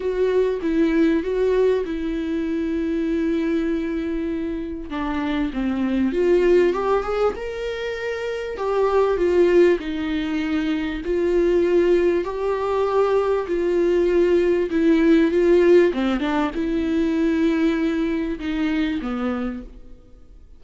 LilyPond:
\new Staff \with { instrumentName = "viola" } { \time 4/4 \tempo 4 = 98 fis'4 e'4 fis'4 e'4~ | e'1 | d'4 c'4 f'4 g'8 gis'8 | ais'2 g'4 f'4 |
dis'2 f'2 | g'2 f'2 | e'4 f'4 c'8 d'8 e'4~ | e'2 dis'4 b4 | }